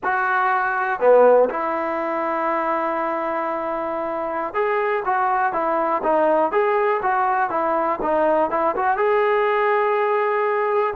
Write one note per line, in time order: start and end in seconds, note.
0.03 0.99 F#4
0.99 1.49 B3
1.49 4.54 E4
4.54 5.03 G#4
5.05 5.52 F#4
5.52 6.02 E4
6.03 6.51 D#4
6.51 7.00 G#4
7.02 7.50 F#4
7.50 7.99 E4
8.01 8.50 D#4
8.50 8.75 E4
8.76 8.97 F#4
8.97 10.94 G#4